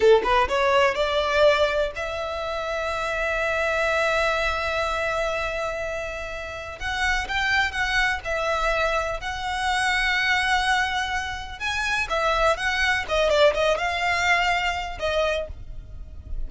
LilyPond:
\new Staff \with { instrumentName = "violin" } { \time 4/4 \tempo 4 = 124 a'8 b'8 cis''4 d''2 | e''1~ | e''1~ | e''2 fis''4 g''4 |
fis''4 e''2 fis''4~ | fis''1 | gis''4 e''4 fis''4 dis''8 d''8 | dis''8 f''2~ f''8 dis''4 | }